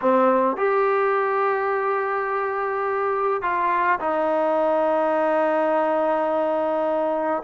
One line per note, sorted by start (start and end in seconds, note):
0.01 0.57 C4
0.57 3.42 G4
3.42 3.99 F4
3.99 7.42 D#4